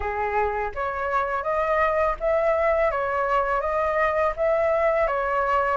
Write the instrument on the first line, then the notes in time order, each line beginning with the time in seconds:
flute
0.00 G#4
0.74 C#5
1.43 D#5
2.19 E5
2.91 C#5
3.60 D#5
4.36 E5
5.07 C#5